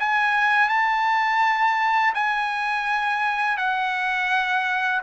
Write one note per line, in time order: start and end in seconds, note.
0.00 0.69 G#5
0.69 2.14 A5
2.15 3.58 G#5
3.58 5.02 F#5